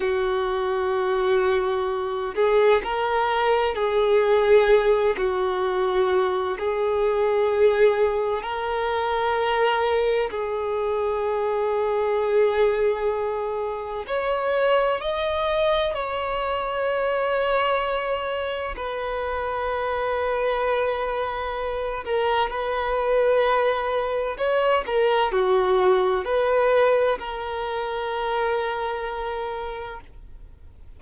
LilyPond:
\new Staff \with { instrumentName = "violin" } { \time 4/4 \tempo 4 = 64 fis'2~ fis'8 gis'8 ais'4 | gis'4. fis'4. gis'4~ | gis'4 ais'2 gis'4~ | gis'2. cis''4 |
dis''4 cis''2. | b'2.~ b'8 ais'8 | b'2 cis''8 ais'8 fis'4 | b'4 ais'2. | }